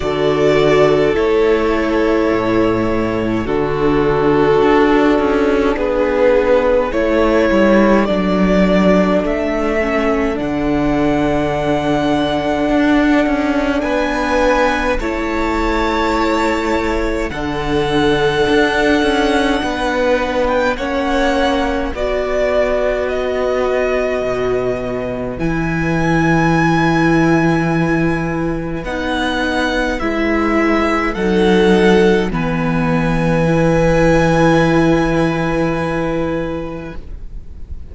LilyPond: <<
  \new Staff \with { instrumentName = "violin" } { \time 4/4 \tempo 4 = 52 d''4 cis''2 a'4~ | a'4 b'4 cis''4 d''4 | e''4 fis''2. | gis''4 a''2 fis''4~ |
fis''4.~ fis''16 g''16 fis''4 d''4 | dis''2 gis''2~ | gis''4 fis''4 e''4 fis''4 | gis''1 | }
  \new Staff \with { instrumentName = "violin" } { \time 4/4 a'2. fis'4~ | fis'4 gis'4 a'2~ | a'1 | b'4 cis''2 a'4~ |
a'4 b'4 cis''4 b'4~ | b'1~ | b'2. a'4 | b'1 | }
  \new Staff \with { instrumentName = "viola" } { \time 4/4 fis'4 e'2 d'4~ | d'2 e'4 d'4~ | d'8 cis'8 d'2.~ | d'4 e'2 d'4~ |
d'2 cis'4 fis'4~ | fis'2 e'2~ | e'4 dis'4 e'4 dis'4 | b4 e'2. | }
  \new Staff \with { instrumentName = "cello" } { \time 4/4 d4 a4 a,4 d4 | d'8 cis'8 b4 a8 g8 fis4 | a4 d2 d'8 cis'8 | b4 a2 d4 |
d'8 cis'8 b4 ais4 b4~ | b4 b,4 e2~ | e4 b4 gis4 fis4 | e1 | }
>>